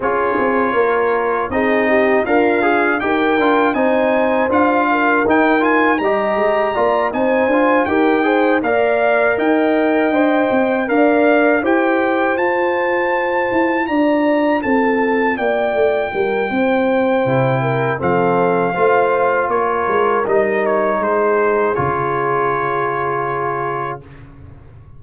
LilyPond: <<
  \new Staff \with { instrumentName = "trumpet" } { \time 4/4 \tempo 4 = 80 cis''2 dis''4 f''4 | g''4 gis''4 f''4 g''8 gis''8 | ais''4. gis''4 g''4 f''8~ | f''8 g''2 f''4 g''8~ |
g''8 a''2 ais''4 a''8~ | a''8 g''2.~ g''8 | f''2 cis''4 dis''8 cis''8 | c''4 cis''2. | }
  \new Staff \with { instrumentName = "horn" } { \time 4/4 gis'4 ais'4 gis'8 g'8 f'4 | ais'4 c''4. ais'4. | dis''4 d''8 c''4 ais'8 c''8 d''8~ | d''8 dis''2 d''4 c''8~ |
c''2~ c''8 d''4 a'8~ | a'8 d''4 ais'8 c''4. ais'8 | a'4 c''4 ais'2 | gis'1 | }
  \new Staff \with { instrumentName = "trombone" } { \time 4/4 f'2 dis'4 ais'8 gis'8 | g'8 f'8 dis'4 f'4 dis'8 f'8 | g'4 f'8 dis'8 f'8 g'8 gis'8 ais'8~ | ais'4. c''4 ais'4 g'8~ |
g'8 f'2.~ f'8~ | f'2. e'4 | c'4 f'2 dis'4~ | dis'4 f'2. | }
  \new Staff \with { instrumentName = "tuba" } { \time 4/4 cis'8 c'8 ais4 c'4 d'4 | dis'8 d'8 c'4 d'4 dis'4 | g8 gis8 ais8 c'8 d'8 dis'4 ais8~ | ais8 dis'4 d'8 c'8 d'4 e'8~ |
e'8 f'4. e'8 d'4 c'8~ | c'8 ais8 a8 g8 c'4 c4 | f4 a4 ais8 gis8 g4 | gis4 cis2. | }
>>